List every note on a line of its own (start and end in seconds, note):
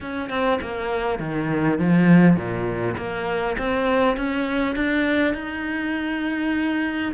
0.00 0.29 C#4
0.29 0.59 C4
0.61 1.19 A#3
1.19 1.78 D#3
1.78 2.36 F3
2.36 2.95 A#2
2.97 3.56 A#3
3.58 4.16 C4
4.16 4.75 C#4
4.75 5.34 D4
5.34 7.12 D#4